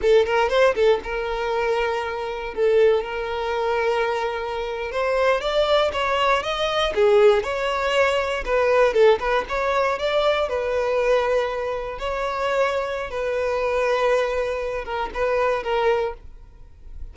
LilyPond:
\new Staff \with { instrumentName = "violin" } { \time 4/4 \tempo 4 = 119 a'8 ais'8 c''8 a'8 ais'2~ | ais'4 a'4 ais'2~ | ais'4.~ ais'16 c''4 d''4 cis''16~ | cis''8. dis''4 gis'4 cis''4~ cis''16~ |
cis''8. b'4 a'8 b'8 cis''4 d''16~ | d''8. b'2. cis''16~ | cis''2 b'2~ | b'4. ais'8 b'4 ais'4 | }